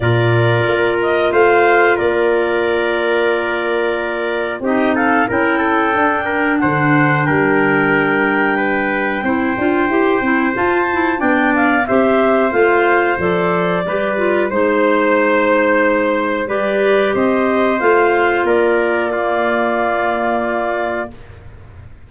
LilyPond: <<
  \new Staff \with { instrumentName = "clarinet" } { \time 4/4 \tempo 4 = 91 d''4. dis''8 f''4 d''4~ | d''2. dis''8 f''8 | g''2 fis''4 g''4~ | g''1 |
a''4 g''8 f''8 e''4 f''4 | d''2 c''2~ | c''4 d''4 dis''4 f''4 | d''1 | }
  \new Staff \with { instrumentName = "trumpet" } { \time 4/4 ais'2 c''4 ais'4~ | ais'2. g'8 a'8 | ais'8 a'4 ais'8 c''4 ais'4~ | ais'4 b'4 c''2~ |
c''4 d''4 c''2~ | c''4 b'4 c''2~ | c''4 b'4 c''2 | ais'4 f'2. | }
  \new Staff \with { instrumentName = "clarinet" } { \time 4/4 f'1~ | f'2. dis'4 | e'4 d'2.~ | d'2 e'8 f'8 g'8 e'8 |
f'8 e'8 d'4 g'4 f'4 | a'4 g'8 f'8 dis'2~ | dis'4 g'2 f'4~ | f'4 ais2. | }
  \new Staff \with { instrumentName = "tuba" } { \time 4/4 ais,4 ais4 a4 ais4~ | ais2. c'4 | cis'4 d'4 d4 g4~ | g2 c'8 d'8 e'8 c'8 |
f'4 b4 c'4 a4 | f4 g4 gis2~ | gis4 g4 c'4 a4 | ais1 | }
>>